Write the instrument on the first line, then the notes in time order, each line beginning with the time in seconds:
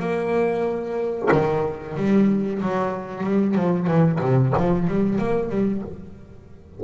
double bass
0.00 A#3
1.32 D#3
1.97 G3
2.62 F#3
3.24 G3
3.55 F3
3.88 E3
4.21 C3
4.58 F3
4.88 G3
5.19 A#3
5.50 G3